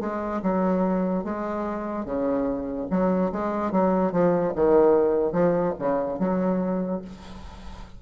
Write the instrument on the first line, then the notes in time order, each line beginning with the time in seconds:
bassoon
0.00 G#3
0.42 F#3
1.24 G#3
2.05 C#3
2.90 F#3
3.32 G#3
3.72 F#3
4.12 F3
4.56 D#3
5.32 F3
5.79 C#3
6.19 F#3